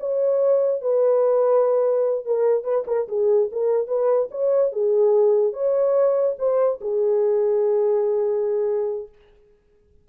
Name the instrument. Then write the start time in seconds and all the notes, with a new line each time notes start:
horn
0.00 C#5
0.82 B4
2.25 A#4
2.64 B4
2.87 A#4
3.08 G#4
3.52 A#4
3.88 B4
4.31 C#5
4.72 G#4
5.53 C#5
6.39 C5
6.81 G#4